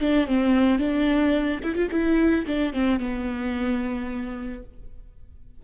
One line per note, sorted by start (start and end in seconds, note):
0.00 0.27 D4
0.27 0.78 C4
0.78 1.60 D4
1.63 1.75 E4
1.75 1.88 F4
1.91 2.45 E4
2.46 2.73 D4
2.73 2.99 C4
2.99 4.63 B3